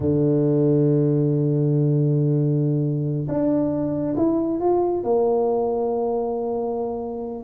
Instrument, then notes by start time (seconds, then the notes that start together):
tuba
0.00 D3
3.28 D4
4.16 E4
4.60 F4
5.03 A#3